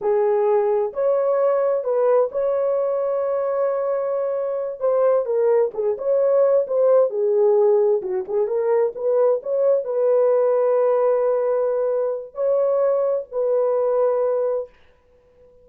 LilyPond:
\new Staff \with { instrumentName = "horn" } { \time 4/4 \tempo 4 = 131 gis'2 cis''2 | b'4 cis''2.~ | cis''2~ cis''8 c''4 ais'8~ | ais'8 gis'8 cis''4. c''4 gis'8~ |
gis'4. fis'8 gis'8 ais'4 b'8~ | b'8 cis''4 b'2~ b'8~ | b'2. cis''4~ | cis''4 b'2. | }